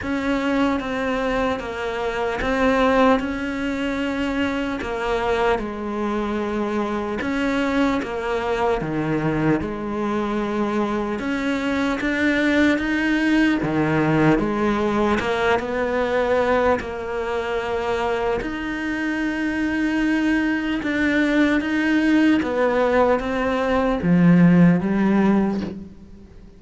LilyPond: \new Staff \with { instrumentName = "cello" } { \time 4/4 \tempo 4 = 75 cis'4 c'4 ais4 c'4 | cis'2 ais4 gis4~ | gis4 cis'4 ais4 dis4 | gis2 cis'4 d'4 |
dis'4 dis4 gis4 ais8 b8~ | b4 ais2 dis'4~ | dis'2 d'4 dis'4 | b4 c'4 f4 g4 | }